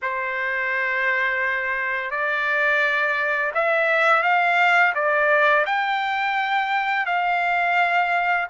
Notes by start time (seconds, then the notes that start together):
0.02 C5
2.10 D5
3.54 E5
4.22 F5
4.94 D5
5.66 G5
7.06 F5